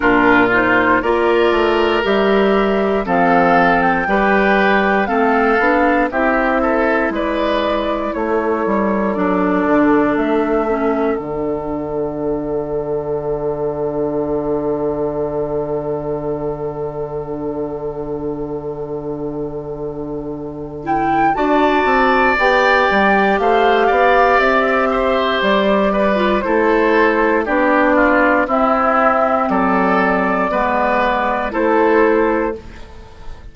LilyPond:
<<
  \new Staff \with { instrumentName = "flute" } { \time 4/4 \tempo 4 = 59 ais'8 c''8 d''4 e''4 f''8. g''16~ | g''4 f''4 e''4 d''4 | cis''4 d''4 e''4 fis''4~ | fis''1~ |
fis''1~ | fis''8 g''8 a''4 g''4 f''4 | e''4 d''4 c''4 d''4 | e''4 d''2 c''4 | }
  \new Staff \with { instrumentName = "oboe" } { \time 4/4 f'4 ais'2 a'4 | b'4 a'4 g'8 a'8 b'4 | a'1~ | a'1~ |
a'1~ | a'4 d''2 c''8 d''8~ | d''8 c''4 b'8 a'4 g'8 f'8 | e'4 a'4 b'4 a'4 | }
  \new Staff \with { instrumentName = "clarinet" } { \time 4/4 d'8 dis'8 f'4 g'4 c'4 | g'4 c'8 d'8 e'2~ | e'4 d'4. cis'8 d'4~ | d'1~ |
d'1~ | d'8 e'8 fis'4 g'2~ | g'4.~ g'16 f'16 e'4 d'4 | c'2 b4 e'4 | }
  \new Staff \with { instrumentName = "bassoon" } { \time 4/4 ais,4 ais8 a8 g4 f4 | g4 a8 b8 c'4 gis4 | a8 g8 fis8 d8 a4 d4~ | d1~ |
d1~ | d4 d'8 c'8 b8 g8 a8 b8 | c'4 g4 a4 b4 | c'4 fis4 gis4 a4 | }
>>